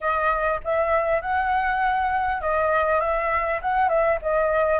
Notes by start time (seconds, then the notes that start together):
0.00 D#5
0.64 E5
1.21 F#5
2.41 D#5
3.00 E5
3.61 F#5
3.88 E5
4.21 D#5